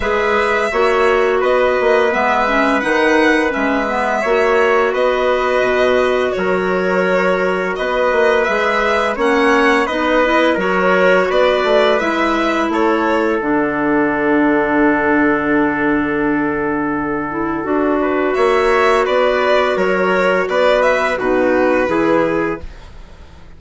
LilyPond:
<<
  \new Staff \with { instrumentName = "violin" } { \time 4/4 \tempo 4 = 85 e''2 dis''4 e''4 | fis''4 e''2 dis''4~ | dis''4 cis''2 dis''4 | e''4 fis''4 dis''4 cis''4 |
d''4 e''4 cis''4 fis''4~ | fis''1~ | fis''2 e''4 d''4 | cis''4 d''8 e''8 b'2 | }
  \new Staff \with { instrumentName = "trumpet" } { \time 4/4 b'4 cis''4 b'2~ | b'2 cis''4 b'4~ | b'4 ais'2 b'4~ | b'4 cis''4 b'4 ais'4 |
b'2 a'2~ | a'1~ | a'4. b'8 cis''4 b'4 | ais'4 b'4 fis'4 gis'4 | }
  \new Staff \with { instrumentName = "clarinet" } { \time 4/4 gis'4 fis'2 b8 cis'8 | dis'4 cis'8 b8 fis'2~ | fis'1 | gis'4 cis'4 dis'8 e'8 fis'4~ |
fis'4 e'2 d'4~ | d'1~ | d'8 e'8 fis'2.~ | fis'2 dis'4 e'4 | }
  \new Staff \with { instrumentName = "bassoon" } { \time 4/4 gis4 ais4 b8 ais8 gis4 | dis4 gis4 ais4 b4 | b,4 fis2 b8 ais8 | gis4 ais4 b4 fis4 |
b8 a8 gis4 a4 d4~ | d1~ | d4 d'4 ais4 b4 | fis4 b4 b,4 e4 | }
>>